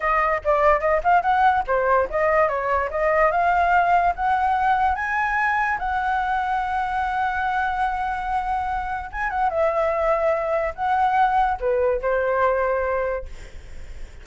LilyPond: \new Staff \with { instrumentName = "flute" } { \time 4/4 \tempo 4 = 145 dis''4 d''4 dis''8 f''8 fis''4 | c''4 dis''4 cis''4 dis''4 | f''2 fis''2 | gis''2 fis''2~ |
fis''1~ | fis''2 gis''8 fis''8 e''4~ | e''2 fis''2 | b'4 c''2. | }